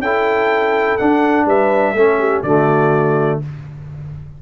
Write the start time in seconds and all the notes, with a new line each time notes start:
0.00 C#4 E4 A4 G5
0.98 D4 F#5
1.46 G3 B4 E5
1.94 A3 C#4 A4
2.19 G4
2.43 D3 A3 F#4 D5